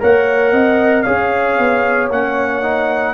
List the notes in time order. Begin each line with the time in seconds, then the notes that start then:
0.00 A#3 A#4 C#5 F#5
0.53 C4 D#5
1.03 C#4 G#4 C#5 F5
1.59 B3
2.10 A#3 C#4 F#5
2.62 D#4